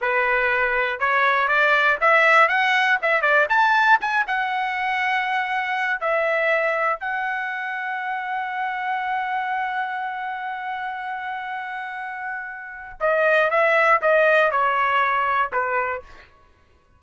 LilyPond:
\new Staff \with { instrumentName = "trumpet" } { \time 4/4 \tempo 4 = 120 b'2 cis''4 d''4 | e''4 fis''4 e''8 d''8 a''4 | gis''8 fis''2.~ fis''8 | e''2 fis''2~ |
fis''1~ | fis''1~ | fis''2 dis''4 e''4 | dis''4 cis''2 b'4 | }